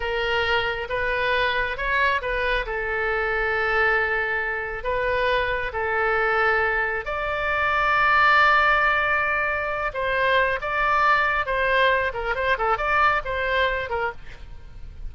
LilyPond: \new Staff \with { instrumentName = "oboe" } { \time 4/4 \tempo 4 = 136 ais'2 b'2 | cis''4 b'4 a'2~ | a'2. b'4~ | b'4 a'2. |
d''1~ | d''2~ d''8 c''4. | d''2 c''4. ais'8 | c''8 a'8 d''4 c''4. ais'8 | }